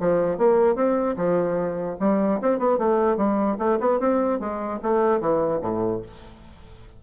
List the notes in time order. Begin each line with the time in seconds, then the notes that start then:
0.00 F3
0.38 A#3
0.75 C4
1.16 F3
2.00 G3
2.42 C4
2.58 B3
2.78 A3
3.17 G3
3.58 A3
3.80 B3
4.00 C4
4.39 G#3
4.82 A3
5.20 E3
5.61 A2